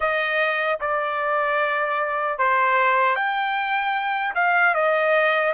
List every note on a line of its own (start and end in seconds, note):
0.00 0.79 D#5
0.80 2.38 D5
2.38 3.15 C5
3.15 4.33 G5
4.35 4.74 F5
4.74 5.53 D#5